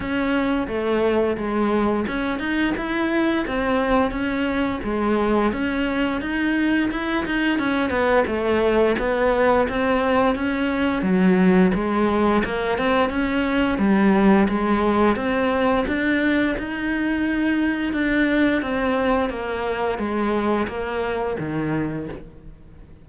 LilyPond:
\new Staff \with { instrumentName = "cello" } { \time 4/4 \tempo 4 = 87 cis'4 a4 gis4 cis'8 dis'8 | e'4 c'4 cis'4 gis4 | cis'4 dis'4 e'8 dis'8 cis'8 b8 | a4 b4 c'4 cis'4 |
fis4 gis4 ais8 c'8 cis'4 | g4 gis4 c'4 d'4 | dis'2 d'4 c'4 | ais4 gis4 ais4 dis4 | }